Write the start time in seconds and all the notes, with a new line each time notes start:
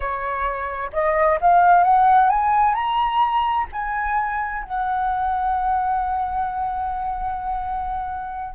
0.00 C#5
0.93 D#5
1.41 F5
1.83 F#5
2.29 G#5
2.74 A#5
3.72 G#5
4.63 F#5